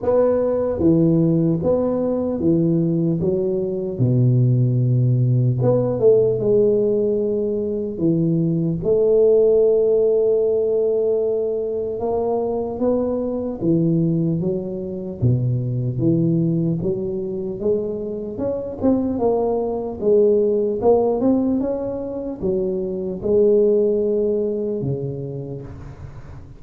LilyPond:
\new Staff \with { instrumentName = "tuba" } { \time 4/4 \tempo 4 = 75 b4 e4 b4 e4 | fis4 b,2 b8 a8 | gis2 e4 a4~ | a2. ais4 |
b4 e4 fis4 b,4 | e4 fis4 gis4 cis'8 c'8 | ais4 gis4 ais8 c'8 cis'4 | fis4 gis2 cis4 | }